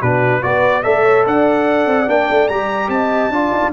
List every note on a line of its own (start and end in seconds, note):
0.00 0.44 B2
0.00 0.42 D4
0.00 0.41 F#4
0.00 0.43 B4
0.42 0.86 B3
0.42 0.84 F#4
0.42 0.84 B4
0.42 0.83 D5
0.83 1.27 A3
0.83 2.08 A4
0.83 1.05 D5
0.83 1.24 E5
1.05 1.25 C#5
1.26 1.87 D4
1.26 2.92 D5
1.26 2.09 F#5
1.87 2.07 C4
2.08 2.29 A#3
2.08 2.49 D4
2.08 2.48 G5
2.31 2.50 A3
2.48 2.89 G3
2.48 3.33 G4
2.48 2.90 A#5
2.89 3.30 C4
2.89 3.34 D#5
2.89 3.73 A5
3.30 3.51 D4
3.30 3.73 F4
3.30 3.73 D5
3.52 3.62 D#4
3.64 3.73 D4